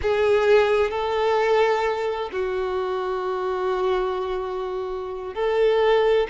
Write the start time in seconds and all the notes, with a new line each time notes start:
0.01 G#4
0.90 A4
2.32 F#4
5.34 A4